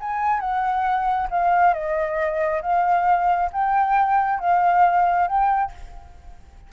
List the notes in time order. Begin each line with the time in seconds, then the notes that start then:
0.00 G#5
0.40 F#5
1.31 F5
1.74 D#5
2.62 F5
3.53 G5
4.40 F5
5.28 G5